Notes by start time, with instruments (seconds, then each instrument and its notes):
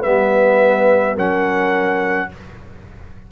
0.00 tuba G3, trombone B3, horn B4, trumpet E5
1.14 tuba F#3, trombone C#4, horn A#4, trumpet F#5